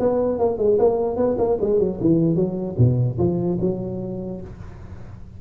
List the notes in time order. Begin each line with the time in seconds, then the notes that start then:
0.00 B3
0.39 A#3
0.58 G#3
0.79 A#3
1.17 B3
1.38 A#3
1.61 G#3
1.80 F#3
2.01 E3
2.36 F#3
2.78 B2
3.19 F3
3.61 F#3